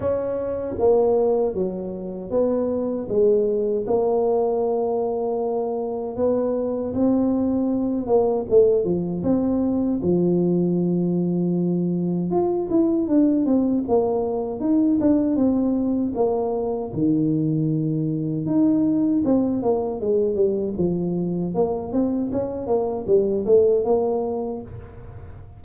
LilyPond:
\new Staff \with { instrumentName = "tuba" } { \time 4/4 \tempo 4 = 78 cis'4 ais4 fis4 b4 | gis4 ais2. | b4 c'4. ais8 a8 f8 | c'4 f2. |
f'8 e'8 d'8 c'8 ais4 dis'8 d'8 | c'4 ais4 dis2 | dis'4 c'8 ais8 gis8 g8 f4 | ais8 c'8 cis'8 ais8 g8 a8 ais4 | }